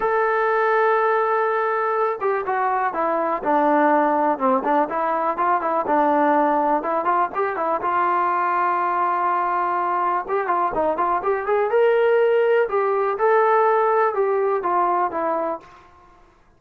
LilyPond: \new Staff \with { instrumentName = "trombone" } { \time 4/4 \tempo 4 = 123 a'1~ | a'8 g'8 fis'4 e'4 d'4~ | d'4 c'8 d'8 e'4 f'8 e'8 | d'2 e'8 f'8 g'8 e'8 |
f'1~ | f'4 g'8 f'8 dis'8 f'8 g'8 gis'8 | ais'2 g'4 a'4~ | a'4 g'4 f'4 e'4 | }